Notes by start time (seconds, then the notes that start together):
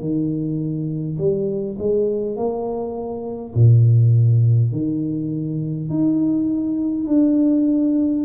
0.00 D#3
1.18 G3
1.79 G#3
2.36 A#3
3.55 A#2
4.72 D#3
5.90 D#4
7.07 D4